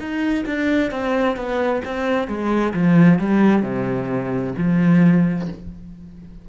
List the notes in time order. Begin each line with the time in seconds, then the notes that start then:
0.00 D#4
0.46 D4
0.91 C4
1.37 B3
1.85 C4
2.28 G#3
2.74 F3
3.19 G3
3.63 C3
4.58 F3